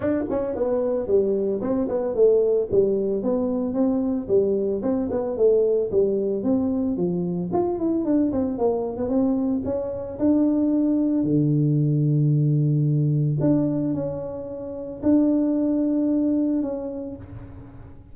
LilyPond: \new Staff \with { instrumentName = "tuba" } { \time 4/4 \tempo 4 = 112 d'8 cis'8 b4 g4 c'8 b8 | a4 g4 b4 c'4 | g4 c'8 b8 a4 g4 | c'4 f4 f'8 e'8 d'8 c'8 |
ais8. b16 c'4 cis'4 d'4~ | d'4 d2.~ | d4 d'4 cis'2 | d'2. cis'4 | }